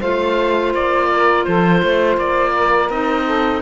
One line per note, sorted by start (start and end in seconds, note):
0.00 0.74 A3
0.00 2.91 F4
0.00 1.08 C5
0.00 0.73 F5
0.74 1.46 A#3
0.74 1.44 D5
1.14 1.46 A#4
1.44 1.82 F3
1.44 1.83 A4
1.44 2.16 C5
1.82 2.17 A3
1.82 2.51 C5
2.17 2.89 A#3
2.17 2.90 D5
2.51 3.23 A#4
2.89 3.61 C4
2.89 3.61 D#4
2.89 3.61 D#5
3.25 3.61 A4